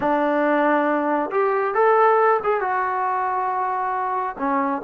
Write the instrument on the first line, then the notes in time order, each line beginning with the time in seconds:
trombone
0.00 D4
1.30 G4
1.74 A4
2.43 G#4
2.60 F#4
4.38 C#4